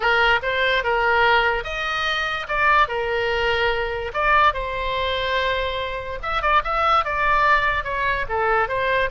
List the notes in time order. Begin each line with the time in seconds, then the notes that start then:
0.00 A#4
0.42 C5
0.83 A#4
1.63 D#5
2.48 D5
2.87 A#4
4.13 D5
4.53 C5
6.22 E5
6.41 D5
6.64 E5
7.04 D5
7.84 C#5
8.29 A4
8.68 C5